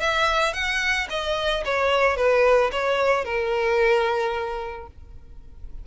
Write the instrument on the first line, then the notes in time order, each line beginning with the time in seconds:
violin
0.00 E5
0.53 F#5
1.10 D#5
1.65 C#5
2.16 B4
2.71 C#5
3.25 A#4